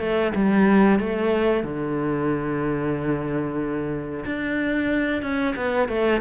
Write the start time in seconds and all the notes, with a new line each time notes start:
0.00 A3
0.36 G3
1.00 A3
1.64 D3
4.26 D4
5.23 C#4
5.57 B3
5.89 A3